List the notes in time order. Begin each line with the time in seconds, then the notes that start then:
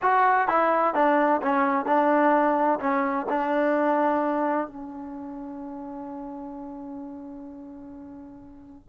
0.02 F#4
0.48 E4
0.94 D4
1.42 C#4
1.85 D4
2.79 C#4
3.29 D4
4.67 C#4